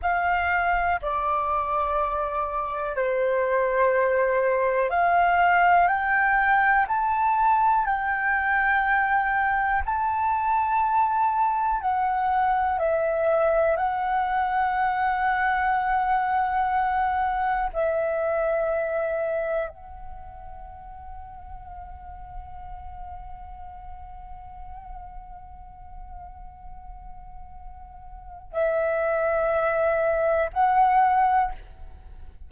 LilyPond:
\new Staff \with { instrumentName = "flute" } { \time 4/4 \tempo 4 = 61 f''4 d''2 c''4~ | c''4 f''4 g''4 a''4 | g''2 a''2 | fis''4 e''4 fis''2~ |
fis''2 e''2 | fis''1~ | fis''1~ | fis''4 e''2 fis''4 | }